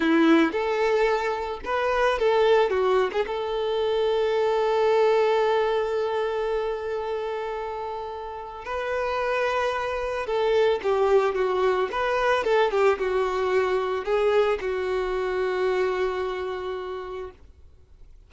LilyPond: \new Staff \with { instrumentName = "violin" } { \time 4/4 \tempo 4 = 111 e'4 a'2 b'4 | a'4 fis'8. gis'16 a'2~ | a'1~ | a'1 |
b'2. a'4 | g'4 fis'4 b'4 a'8 g'8 | fis'2 gis'4 fis'4~ | fis'1 | }